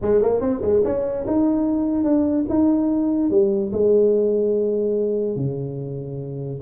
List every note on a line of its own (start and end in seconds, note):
0.01 0.21 G#3
0.21 0.40 A#3
0.40 0.61 C4
0.61 0.82 G#3
0.84 1.25 C#4
1.26 2.04 D#4
2.04 2.45 D4
2.49 3.30 D#4
3.30 3.71 G3
3.72 5.36 G#3
5.36 6.60 C#3